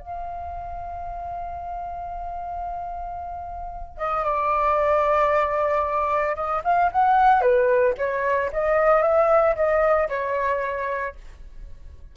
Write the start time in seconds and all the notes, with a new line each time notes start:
0.00 F5
3.98 D#5
4.24 D5
6.36 D#5
6.64 F5
6.92 F#5
7.41 B4
7.98 C#5
8.53 D#5
9.02 E5
9.56 D#5
10.09 C#5